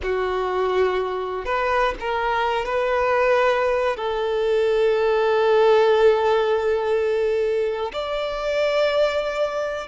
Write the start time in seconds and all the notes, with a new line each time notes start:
0.02 F#4
1.45 B4
1.99 A#4
2.65 B4
3.96 A4
7.92 D5